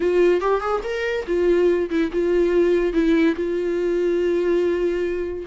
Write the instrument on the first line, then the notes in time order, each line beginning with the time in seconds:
viola
0.00 F4
0.40 G4
0.60 G#4
0.83 A#4
1.26 F4
1.90 E4
2.12 F4
2.93 E4
3.35 F4